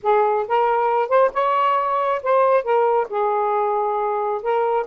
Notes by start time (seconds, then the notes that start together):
0.03 G#4
0.48 A#4
1.08 C5
1.33 C#5
2.22 C5
2.63 A#4
3.09 G#4
4.42 A#4